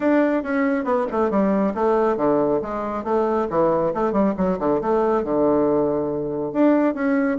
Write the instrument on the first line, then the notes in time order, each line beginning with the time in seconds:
bassoon
0.00 D4
0.43 C#4
0.84 B3
1.11 A3
1.30 G3
1.74 A3
2.17 D3
2.62 G#3
3.04 A3
3.49 E3
3.93 A3
4.12 G3
4.37 F#3
4.59 D3
4.81 A3
5.24 D3
6.52 D4
6.94 C#4